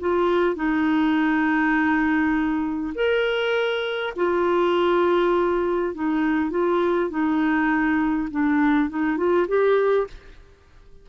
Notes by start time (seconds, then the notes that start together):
0.00 F4
0.56 D#4
2.95 A#4
4.16 F4
5.94 D#4
6.51 F4
7.10 D#4
8.31 D4
8.89 D#4
9.17 F4
9.48 G4